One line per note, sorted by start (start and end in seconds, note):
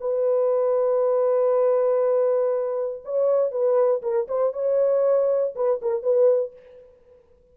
0.00 3.03 B4
3.05 3.51 C#5
3.51 4.02 B4
4.02 4.27 A#4
4.28 4.53 C5
4.53 5.54 C#5
5.55 5.80 B4
5.82 6.02 A#4
6.02 6.53 B4